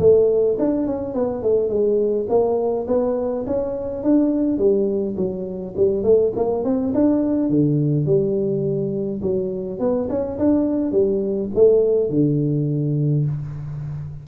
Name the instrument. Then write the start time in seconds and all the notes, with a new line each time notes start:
tuba
0.00 A3
0.59 D4
0.87 C#4
1.14 B3
1.43 A3
1.69 G#3
2.29 A#3
2.88 B3
3.47 C#4
4.04 D4
4.59 G3
5.17 F#3
5.77 G3
6.04 A3
6.36 A#3
6.65 C4
6.94 D4
7.50 D3
8.06 G3
9.22 F#3
9.80 B3
10.10 C#4
10.39 D4
10.92 G3
11.55 A3
12.10 D3